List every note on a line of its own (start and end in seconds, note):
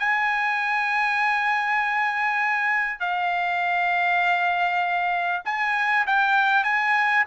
0.00 3.01 G#5
3.01 5.43 F5
5.46 6.06 G#5
6.07 6.64 G5
6.64 7.25 G#5